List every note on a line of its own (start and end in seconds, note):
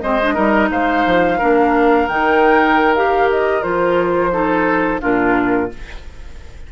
0.00 0.37 G#3
0.00 0.20 C4
0.00 0.34 C5
0.00 0.69 D#5
0.22 0.34 D4
0.34 0.70 G3
0.34 1.38 D#4
0.34 0.69 A#4
0.70 1.04 G#3
0.70 1.38 C5
0.70 2.08 F5
1.06 1.41 F3
1.38 2.08 A#3
1.38 2.08 D4
1.38 4.31 A#4
2.08 3.64 D#3
2.08 2.95 D#4
2.08 2.94 G5
2.95 3.62 G4
2.95 3.29 F5
3.30 3.62 D#5
3.62 5.02 F3
3.62 4.31 F4
3.62 5.00 C5
4.31 5.00 D#4
4.31 5.01 A4
5.00 5.72 A#2
5.00 5.69 D4
5.00 5.70 F4
5.00 5.71 A#4